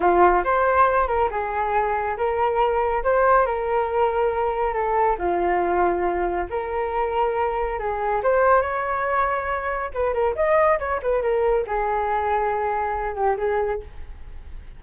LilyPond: \new Staff \with { instrumentName = "flute" } { \time 4/4 \tempo 4 = 139 f'4 c''4. ais'8 gis'4~ | gis'4 ais'2 c''4 | ais'2. a'4 | f'2. ais'4~ |
ais'2 gis'4 c''4 | cis''2. b'8 ais'8 | dis''4 cis''8 b'8 ais'4 gis'4~ | gis'2~ gis'8 g'8 gis'4 | }